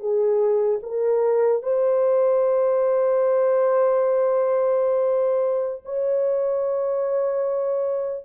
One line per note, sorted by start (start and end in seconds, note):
0.00 0.80 G#4
0.83 1.63 A#4
1.63 5.83 C5
5.85 8.25 C#5